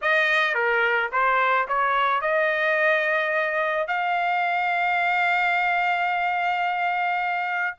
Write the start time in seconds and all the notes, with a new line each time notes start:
0.02 D#5
0.54 A#4
1.12 C5
1.67 C#5
2.21 D#5
3.87 F5